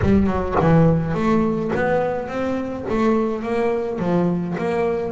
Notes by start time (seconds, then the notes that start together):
0.02 G3
0.26 F#3
0.60 E3
1.14 A3
1.75 B3
2.28 C4
2.89 A3
3.42 A#3
3.98 F3
4.58 A#3